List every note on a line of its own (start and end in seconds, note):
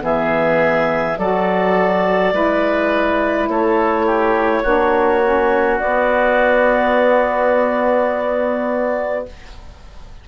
0.00 1.17 E3
0.00 1.15 B3
0.00 1.19 G#4
0.00 1.18 E5
1.17 2.33 F#3
1.17 2.33 F#4
1.17 2.34 A4
1.17 3.49 D5
2.33 3.48 G#3
2.33 4.63 E4
2.33 3.50 B4
3.48 4.63 A3
3.48 4.06 A4
3.48 5.79 C#5
4.06 4.63 G4
4.63 5.79 A#3
4.63 5.21 D4
4.63 9.25 F#4
5.23 5.80 C#4
5.79 9.27 B3
5.79 9.28 B3
5.79 9.25 D5